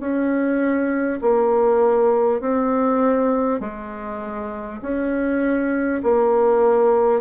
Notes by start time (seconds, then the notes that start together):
0.00 C#4
1.22 A#3
2.41 C4
3.61 G#3
4.82 C#4
6.03 A#3